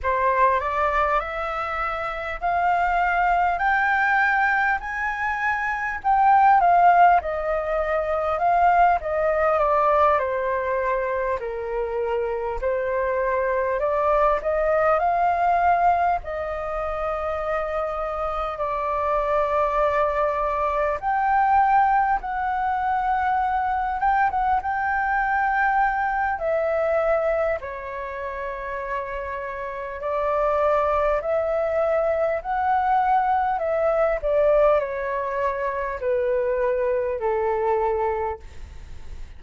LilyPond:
\new Staff \with { instrumentName = "flute" } { \time 4/4 \tempo 4 = 50 c''8 d''8 e''4 f''4 g''4 | gis''4 g''8 f''8 dis''4 f''8 dis''8 | d''8 c''4 ais'4 c''4 d''8 | dis''8 f''4 dis''2 d''8~ |
d''4. g''4 fis''4. | g''16 fis''16 g''4. e''4 cis''4~ | cis''4 d''4 e''4 fis''4 | e''8 d''8 cis''4 b'4 a'4 | }